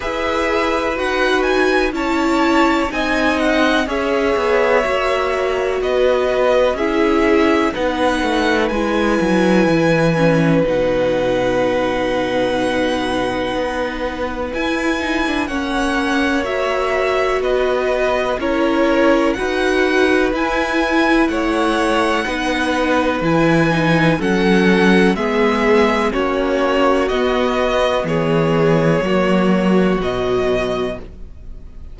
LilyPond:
<<
  \new Staff \with { instrumentName = "violin" } { \time 4/4 \tempo 4 = 62 e''4 fis''8 gis''8 a''4 gis''8 fis''8 | e''2 dis''4 e''4 | fis''4 gis''2 fis''4~ | fis''2. gis''4 |
fis''4 e''4 dis''4 cis''4 | fis''4 gis''4 fis''2 | gis''4 fis''4 e''4 cis''4 | dis''4 cis''2 dis''4 | }
  \new Staff \with { instrumentName = "violin" } { \time 4/4 b'2 cis''4 dis''4 | cis''2 b'4 gis'4 | b'1~ | b'1 |
cis''2 b'4 ais'4 | b'2 cis''4 b'4~ | b'4 a'4 gis'4 fis'4~ | fis'4 gis'4 fis'2 | }
  \new Staff \with { instrumentName = "viola" } { \time 4/4 gis'4 fis'4 e'4 dis'4 | gis'4 fis'2 e'4 | dis'4 e'4. cis'8 dis'4~ | dis'2. e'8 dis'16 d'16 |
cis'4 fis'2 e'4 | fis'4 e'2 dis'4 | e'8 dis'8 cis'4 b4 cis'4 | b2 ais4 fis4 | }
  \new Staff \with { instrumentName = "cello" } { \time 4/4 e'4 dis'4 cis'4 c'4 | cis'8 b8 ais4 b4 cis'4 | b8 a8 gis8 fis8 e4 b,4~ | b,2 b4 e'4 |
ais2 b4 cis'4 | dis'4 e'4 a4 b4 | e4 fis4 gis4 ais4 | b4 e4 fis4 b,4 | }
>>